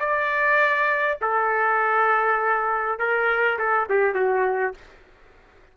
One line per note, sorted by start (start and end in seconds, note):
0.00 1.19 D5
1.22 2.99 A4
2.99 3.59 A#4
3.59 3.89 A4
3.89 4.15 G4
4.15 4.74 F#4